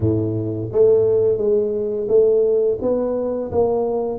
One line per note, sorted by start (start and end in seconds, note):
0.00 0.69 A2
0.72 1.37 A3
1.37 2.07 G#3
2.08 2.78 A3
2.81 3.51 B3
3.51 4.19 A#3